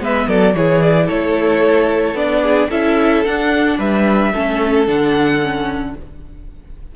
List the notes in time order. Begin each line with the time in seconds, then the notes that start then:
0.00 G#3 B3 B4 E5
0.28 F#3 A4 D5
0.55 E3 E4 G#4 C#5
0.82 D5
1.06 A3 A4 C#5
2.14 B3 D4 D5
2.43 G#4
2.70 C#4 E4 A4 E5
3.25 D4 F#5
3.79 G3 B4 E5
4.33 A3 C#4 A4
4.87 D3 D4 F#5
5.42 C#4